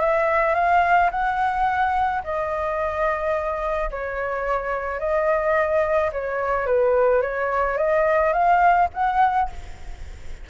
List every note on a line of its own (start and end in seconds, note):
0.00 0.55 E5
0.55 1.10 F5
1.11 2.22 F#5
2.23 3.90 D#5
3.90 4.99 C#5
4.99 6.10 D#5
6.12 6.66 C#5
6.66 7.21 B4
7.21 7.77 C#5
7.77 8.33 D#5
8.33 8.88 F5
8.93 9.49 F#5